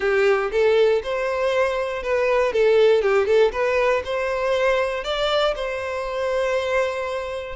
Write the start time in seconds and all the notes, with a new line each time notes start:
0.00 G4
0.51 A4
1.03 C5
2.03 B4
2.52 A4
3.02 G4
3.26 A4
3.52 B4
4.04 C5
5.04 D5
5.55 C5